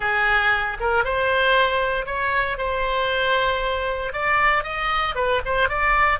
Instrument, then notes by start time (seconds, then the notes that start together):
oboe
0.00 G#4
0.80 A#4
1.04 C5
2.05 C#5
2.57 C5
4.12 D5
4.63 D#5
5.15 B4
5.45 C5
5.68 D5